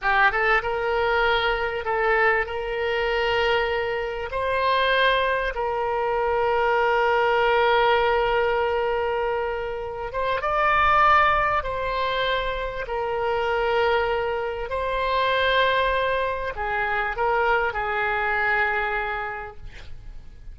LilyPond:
\new Staff \with { instrumentName = "oboe" } { \time 4/4 \tempo 4 = 98 g'8 a'8 ais'2 a'4 | ais'2. c''4~ | c''4 ais'2.~ | ais'1~ |
ais'8 c''8 d''2 c''4~ | c''4 ais'2. | c''2. gis'4 | ais'4 gis'2. | }